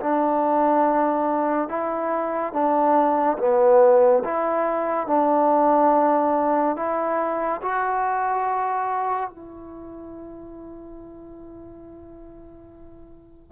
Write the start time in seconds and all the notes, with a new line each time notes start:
0.00 D4
1.68 E4
2.53 D4
3.38 B3
4.24 E4
5.07 D4
6.76 E4
7.62 F#4
9.29 E4